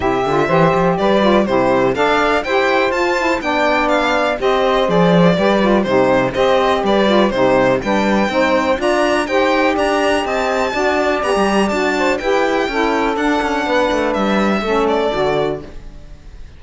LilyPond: <<
  \new Staff \with { instrumentName = "violin" } { \time 4/4 \tempo 4 = 123 e''2 d''4 c''4 | f''4 g''4 a''4 g''4 | f''4 dis''4 d''2 | c''4 dis''4 d''4 c''4 |
g''2 ais''4 g''4 | ais''4 a''2 ais''4 | a''4 g''2 fis''4~ | fis''4 e''4. d''4. | }
  \new Staff \with { instrumentName = "saxophone" } { \time 4/4 g'4 c''4 b'4 g'4 | d''4 c''2 d''4~ | d''4 c''2 b'4 | g'4 c''4 b'4 g'4 |
b'4 c''4 d''4 c''4 | d''4 dis''4 d''2~ | d''8 c''8 b'4 a'2 | b'2 a'2 | }
  \new Staff \with { instrumentName = "saxophone" } { \time 4/4 e'8 f'8 g'4. f'8 e'4 | a'4 g'4 f'8 e'8 d'4~ | d'4 g'4 gis'4 g'8 f'8 | dis'4 g'4. f'8 dis'4 |
d'4 dis'4 f'4 g'4~ | g'2 fis'4 g'4 | fis'4 g'4 e'4 d'4~ | d'2 cis'4 fis'4 | }
  \new Staff \with { instrumentName = "cello" } { \time 4/4 c8 d8 e8 f8 g4 c4 | d'4 e'4 f'4 b4~ | b4 c'4 f4 g4 | c4 c'4 g4 c4 |
g4 c'4 d'4 dis'4 | d'4 c'4 d'4 b16 g8. | d'4 e'4 cis'4 d'8 cis'8 | b8 a8 g4 a4 d4 | }
>>